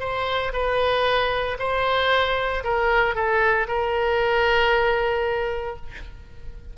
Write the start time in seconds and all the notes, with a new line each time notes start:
0.00 C5
0.53 B4
1.59 C5
2.64 A#4
3.15 A4
3.68 A#4